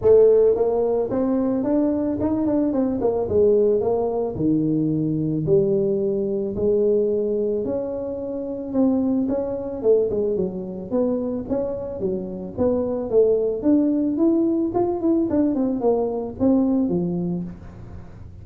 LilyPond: \new Staff \with { instrumentName = "tuba" } { \time 4/4 \tempo 4 = 110 a4 ais4 c'4 d'4 | dis'8 d'8 c'8 ais8 gis4 ais4 | dis2 g2 | gis2 cis'2 |
c'4 cis'4 a8 gis8 fis4 | b4 cis'4 fis4 b4 | a4 d'4 e'4 f'8 e'8 | d'8 c'8 ais4 c'4 f4 | }